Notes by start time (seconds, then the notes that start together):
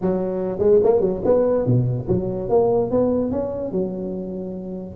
0.01 F#3
0.58 G#3
0.83 A#3
1.00 F#3
1.24 B3
1.66 B2
2.08 F#3
2.49 A#3
2.90 B3
3.31 C#4
3.71 F#3